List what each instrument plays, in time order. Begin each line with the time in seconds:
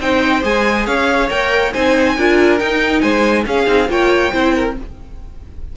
0.00 cello C4, viola D#4, violin C5 G5
0.42 cello G#3, viola G#4, violin G#5
0.86 cello C#4, violin C#5 F5
1.29 cello A#3, viola A#4, violin G5
1.73 cello C4, viola D#4, violin C5 G#5
2.17 cello D4, viola F4, violin A#4
2.58 viola D#4, cello D#4, violin G5
3.01 cello G#3, violin C5 G#5
3.46 cello C#4, viola C#4, violin G#4 F5
3.66 cello C4, viola D#4
3.88 cello A#3, viola F4, violin C#5 G5
4.32 cello C4, viola E4, violin C5
4.55 violin A#4